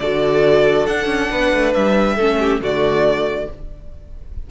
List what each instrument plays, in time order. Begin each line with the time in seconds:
0.00 cello D3, viola F#4, violin A4 D5
0.87 cello D4, viola D4, violin F#5
1.06 cello C#4
1.30 cello B3, violin B4
1.54 cello A3
1.74 cello G3, violin E5
2.16 cello A3, viola C#4, violin A4
2.40 violin G4
2.61 cello D3, viola A3, violin F#4 D5